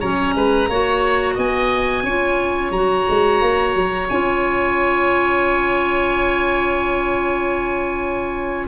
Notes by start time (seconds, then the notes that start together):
0.00 F#3 C#4 C#5 A#5
0.35 G#3 B4
0.69 A#3 F#4 C#5
1.35 B3 D#5 G#5
2.04 C#4 F4 C#5
2.71 F#3 F#4 A#5
3.10 G#3
3.42 A#3
3.75 F#3
4.09 C#4 F4 G#5